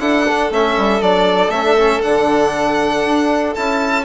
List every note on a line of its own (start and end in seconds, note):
0.00 0.51 D4
0.00 0.26 E4
0.00 4.05 A4
0.00 0.51 F#5
0.28 0.52 D4
0.51 0.76 A3
0.51 1.01 C#4
0.51 1.02 E5
0.77 1.02 G3
1.01 1.48 F#3
1.01 1.52 D4
1.01 1.50 D5
1.48 1.99 A3
1.48 1.65 C#4
1.48 2.01 E5
1.65 1.77 D4
1.78 2.03 C#4
2.02 3.06 D3
2.02 3.56 D4
2.02 3.54 F#5
3.06 3.56 D4
3.55 4.05 C#4
3.55 4.05 E4
3.55 4.05 A5